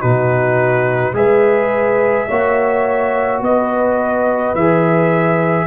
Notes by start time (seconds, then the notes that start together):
0.00 B2 D#4 F#4 B4
1.14 G#3 G#4 B4 E5
2.28 A#3 F#4 C#5
3.41 B3 B4 D#5
4.55 E3 G#4 E5